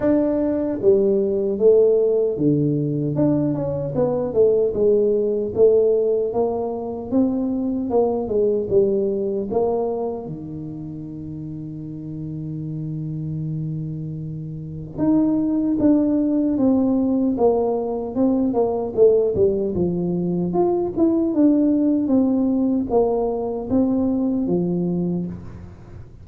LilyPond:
\new Staff \with { instrumentName = "tuba" } { \time 4/4 \tempo 4 = 76 d'4 g4 a4 d4 | d'8 cis'8 b8 a8 gis4 a4 | ais4 c'4 ais8 gis8 g4 | ais4 dis2.~ |
dis2. dis'4 | d'4 c'4 ais4 c'8 ais8 | a8 g8 f4 f'8 e'8 d'4 | c'4 ais4 c'4 f4 | }